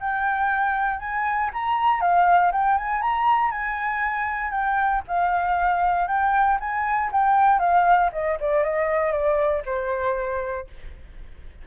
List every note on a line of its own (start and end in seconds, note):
0.00 1.00 G5
1.00 1.50 G#5
1.53 2.01 A#5
2.01 2.52 F5
2.52 2.78 G5
2.78 3.02 G#5
3.02 3.51 A#5
3.51 4.51 G#5
4.51 5.02 G5
5.08 6.08 F5
6.08 6.58 G5
6.60 7.11 G#5
7.12 7.59 G5
7.59 8.10 F5
8.13 8.38 D#5
8.40 8.64 D5
8.64 9.12 D#5
9.12 9.63 D5
9.66 10.67 C5